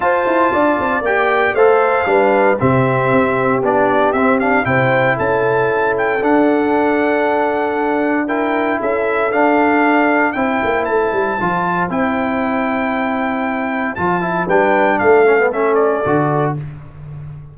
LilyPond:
<<
  \new Staff \with { instrumentName = "trumpet" } { \time 4/4 \tempo 4 = 116 a''2 g''4 f''4~ | f''4 e''2 d''4 | e''8 f''8 g''4 a''4. g''8 | fis''1 |
g''4 e''4 f''2 | g''4 a''2 g''4~ | g''2. a''4 | g''4 f''4 e''8 d''4. | }
  \new Staff \with { instrumentName = "horn" } { \time 4/4 c''4 d''2 c''4 | b'4 g'2.~ | g'4 c''4 a'2~ | a'1 |
ais'4 a'2. | c''1~ | c''1 | b'4 a'2. | }
  \new Staff \with { instrumentName = "trombone" } { \time 4/4 f'2 g'4 a'4 | d'4 c'2 d'4 | c'8 d'8 e'2. | d'1 |
e'2 d'2 | e'2 f'4 e'4~ | e'2. f'8 e'8 | d'4. cis'16 b16 cis'4 fis'4 | }
  \new Staff \with { instrumentName = "tuba" } { \time 4/4 f'8 e'8 d'8 c'8 ais4 a4 | g4 c4 c'4 b4 | c'4 c4 cis'2 | d'1~ |
d'4 cis'4 d'2 | c'8 ais8 a8 g8 f4 c'4~ | c'2. f4 | g4 a2 d4 | }
>>